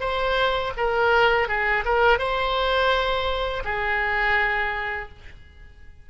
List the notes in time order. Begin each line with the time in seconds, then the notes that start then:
0.00 C5
0.77 A#4
1.48 G#4
1.85 A#4
2.19 C5
3.64 G#4